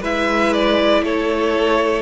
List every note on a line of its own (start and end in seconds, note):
0.00 1.02 G#3
0.00 2.02 E4
0.00 1.02 B4
0.00 0.53 E5
0.53 1.04 D5
1.02 2.02 A3
1.02 2.02 A4
1.02 2.02 C#5